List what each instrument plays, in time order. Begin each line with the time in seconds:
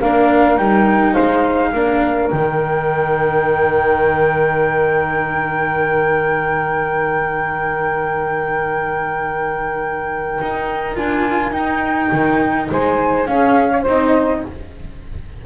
0.00 double bass A#3, cello D4, saxophone A#4, flute F5
0.58 double bass G3, cello D#4, flute G5
1.13 double bass G#3, saxophone C5, flute F5
1.73 double bass A#3, cello D4, saxophone A#4
2.27 double bass D#3, cello D#4, flute G5
10.41 double bass D#4
10.96 double bass D4, cello F4, flute G#5
11.52 cello D#4, double bass D#4, flute G5
12.12 double bass D#3
12.71 double bass G#3, saxophone C5, flute G#5
13.27 cello C#4, double bass C#4, saxophone G#4, flute F5
13.71 saxophone C#5
13.81 double bass C4, saxophone C5
13.88 cello D#4, flute D#5